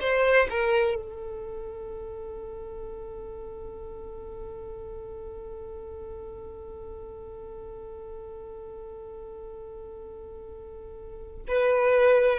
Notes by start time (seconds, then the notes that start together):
0.00 C5
0.50 A#4
0.95 A4
11.48 B4